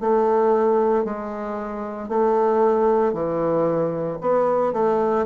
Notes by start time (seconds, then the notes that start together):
0.00 A3
1.05 G#3
2.08 A3
3.12 E3
4.21 B3
4.73 A3